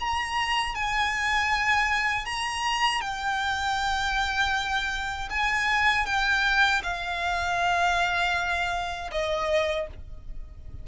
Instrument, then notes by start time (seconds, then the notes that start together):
violin
0.00 A#5
0.75 G#5
2.26 A#5
3.01 G5
5.30 G#5
6.06 G5
6.83 F5
9.12 D#5